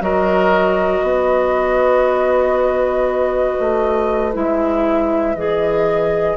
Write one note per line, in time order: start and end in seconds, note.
0.00 1.02 F#3
0.00 4.32 F#4
0.00 1.05 A#4
0.00 4.33 D#5
1.02 3.56 B3
1.02 6.36 B4
3.59 4.35 A3
4.33 5.35 G#3
4.33 5.34 E4
4.33 5.35 E5
5.35 6.36 E3
5.35 6.36 G#4
5.35 6.36 D#5